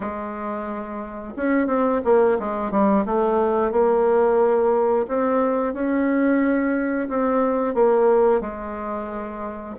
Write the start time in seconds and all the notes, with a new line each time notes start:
0.00 G#3
1.36 C#4
1.67 C4
2.04 A#3
2.39 G#3
2.71 G3
3.05 A3
3.71 A#3
5.08 C4
5.73 C#4
7.08 C4
7.74 A#3
8.41 G#3